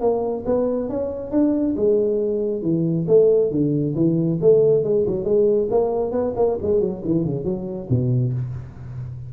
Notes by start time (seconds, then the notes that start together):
0.00 A#3
0.45 B3
0.89 C#4
1.31 D4
1.76 G#3
2.62 E3
3.07 A3
3.51 D3
3.95 E3
4.41 A3
4.83 G#3
5.06 F#3
5.24 G#3
5.70 A#3
6.11 B3
6.36 A#3
6.62 G#3
6.80 F#3
7.05 E3
7.24 C#3
7.44 F#3
7.89 B2